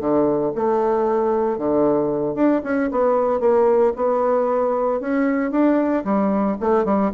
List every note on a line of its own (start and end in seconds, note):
0.00 0.53 D3
0.55 1.58 A3
1.58 2.35 D3
2.35 2.61 D4
2.64 2.90 C#4
2.91 3.40 B3
3.40 3.93 A#3
3.96 5.00 B3
5.00 5.51 C#4
5.51 6.04 D4
6.04 6.57 G3
6.60 6.85 A3
6.85 7.11 G3